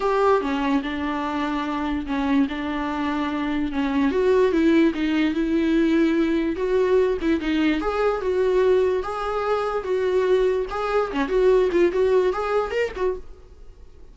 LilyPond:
\new Staff \with { instrumentName = "viola" } { \time 4/4 \tempo 4 = 146 g'4 cis'4 d'2~ | d'4 cis'4 d'2~ | d'4 cis'4 fis'4 e'4 | dis'4 e'2. |
fis'4. e'8 dis'4 gis'4 | fis'2 gis'2 | fis'2 gis'4 cis'8 fis'8~ | fis'8 f'8 fis'4 gis'4 ais'8 fis'8 | }